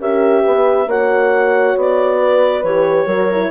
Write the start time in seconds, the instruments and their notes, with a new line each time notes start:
0.00 bassoon C#4, horn G4 A#4, clarinet E5
0.43 bassoon B3, horn B4
0.87 bassoon A#3, horn F#4 C#5, clarinet F#5
1.76 bassoon B3, clarinet D5
2.21 horn B4
2.64 bassoon E3, horn G4, clarinet C#5
3.06 bassoon F#3, horn F#4 A#4
3.32 horn E4